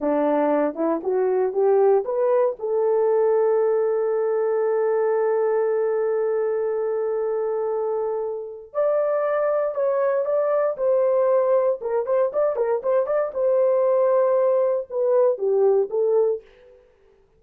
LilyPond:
\new Staff \with { instrumentName = "horn" } { \time 4/4 \tempo 4 = 117 d'4. e'8 fis'4 g'4 | b'4 a'2.~ | a'1~ | a'1~ |
a'4 d''2 cis''4 | d''4 c''2 ais'8 c''8 | d''8 ais'8 c''8 d''8 c''2~ | c''4 b'4 g'4 a'4 | }